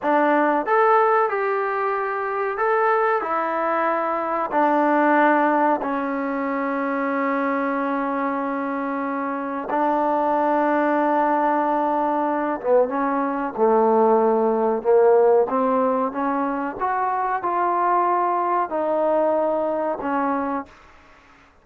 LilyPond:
\new Staff \with { instrumentName = "trombone" } { \time 4/4 \tempo 4 = 93 d'4 a'4 g'2 | a'4 e'2 d'4~ | d'4 cis'2.~ | cis'2. d'4~ |
d'2.~ d'8 b8 | cis'4 a2 ais4 | c'4 cis'4 fis'4 f'4~ | f'4 dis'2 cis'4 | }